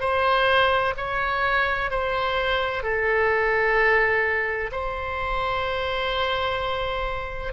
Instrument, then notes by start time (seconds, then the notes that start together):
oboe
0.00 C5
0.96 C#5
1.90 C5
2.83 A4
4.71 C5